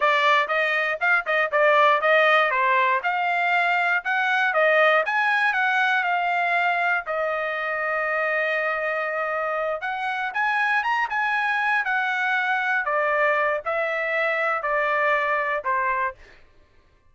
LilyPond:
\new Staff \with { instrumentName = "trumpet" } { \time 4/4 \tempo 4 = 119 d''4 dis''4 f''8 dis''8 d''4 | dis''4 c''4 f''2 | fis''4 dis''4 gis''4 fis''4 | f''2 dis''2~ |
dis''2.~ dis''8 fis''8~ | fis''8 gis''4 ais''8 gis''4. fis''8~ | fis''4. d''4. e''4~ | e''4 d''2 c''4 | }